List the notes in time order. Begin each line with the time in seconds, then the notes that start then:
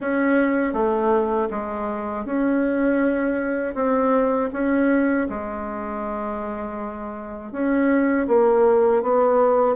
0.00 C#4
0.73 A3
1.50 G#3
2.25 C#4
3.74 C4
4.52 C#4
5.29 G#3
7.51 C#4
8.27 A#3
9.02 B3